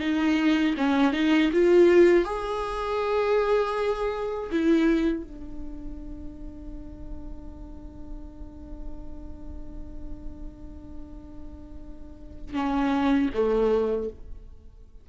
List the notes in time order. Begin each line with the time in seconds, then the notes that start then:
0.00 D#4
0.77 C#4
1.13 D#4
1.53 F4
2.25 G#4
4.51 E4
5.24 D4
12.54 C#4
13.34 A3